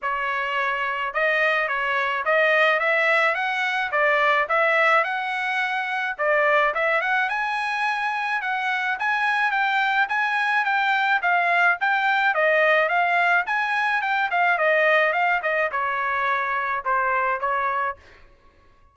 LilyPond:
\new Staff \with { instrumentName = "trumpet" } { \time 4/4 \tempo 4 = 107 cis''2 dis''4 cis''4 | dis''4 e''4 fis''4 d''4 | e''4 fis''2 d''4 | e''8 fis''8 gis''2 fis''4 |
gis''4 g''4 gis''4 g''4 | f''4 g''4 dis''4 f''4 | gis''4 g''8 f''8 dis''4 f''8 dis''8 | cis''2 c''4 cis''4 | }